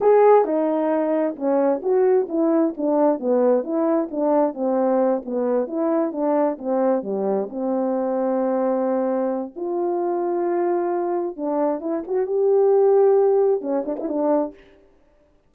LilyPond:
\new Staff \with { instrumentName = "horn" } { \time 4/4 \tempo 4 = 132 gis'4 dis'2 cis'4 | fis'4 e'4 d'4 b4 | e'4 d'4 c'4. b8~ | b8 e'4 d'4 c'4 g8~ |
g8 c'2.~ c'8~ | c'4 f'2.~ | f'4 d'4 e'8 fis'8 g'4~ | g'2 cis'8 d'16 e'16 d'4 | }